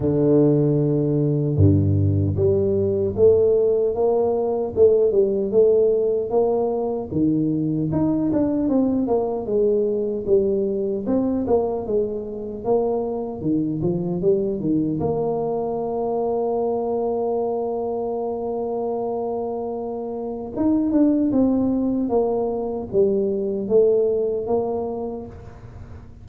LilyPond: \new Staff \with { instrumentName = "tuba" } { \time 4/4 \tempo 4 = 76 d2 g,4 g4 | a4 ais4 a8 g8 a4 | ais4 dis4 dis'8 d'8 c'8 ais8 | gis4 g4 c'8 ais8 gis4 |
ais4 dis8 f8 g8 dis8 ais4~ | ais1~ | ais2 dis'8 d'8 c'4 | ais4 g4 a4 ais4 | }